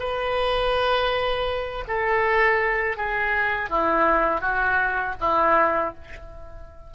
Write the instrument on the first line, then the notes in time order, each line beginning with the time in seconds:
oboe
0.00 B4
1.88 A4
2.97 G#4
3.70 E4
4.41 F#4
5.21 E4